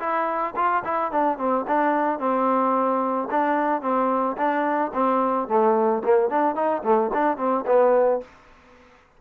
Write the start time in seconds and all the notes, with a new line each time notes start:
0.00 E4
0.56 F4
0.85 E4
1.12 D4
1.38 C4
1.68 D4
2.19 C4
3.31 D4
3.82 C4
4.37 D4
4.94 C4
5.48 A3
6.05 A#3
6.30 D4
6.56 D#4
6.84 A3
7.14 D4
7.38 C4
7.67 B3